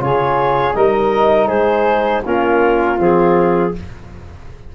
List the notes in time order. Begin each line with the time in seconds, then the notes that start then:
0.00 C#3 F4 G#4 C#5
0.74 G3 D#4 A#4 D#5
1.48 G#3 G#4 C5
2.25 A#3 C#4 F4 A#4
2.98 F3 C4 G#4